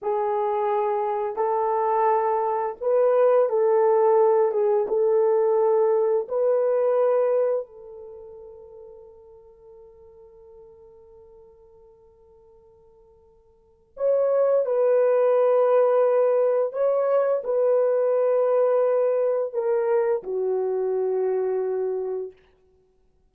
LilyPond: \new Staff \with { instrumentName = "horn" } { \time 4/4 \tempo 4 = 86 gis'2 a'2 | b'4 a'4. gis'8 a'4~ | a'4 b'2 a'4~ | a'1~ |
a'1 | cis''4 b'2. | cis''4 b'2. | ais'4 fis'2. | }